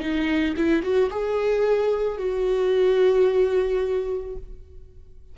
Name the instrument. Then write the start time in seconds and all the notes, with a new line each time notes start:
viola
0.00 D#4
0.57 E4
0.83 F#4
1.10 G#4
2.18 F#4